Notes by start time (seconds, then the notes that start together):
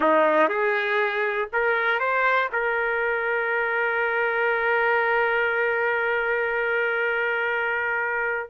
0.00 D#4
0.48 G#4
1.52 A#4
1.99 C5
2.52 A#4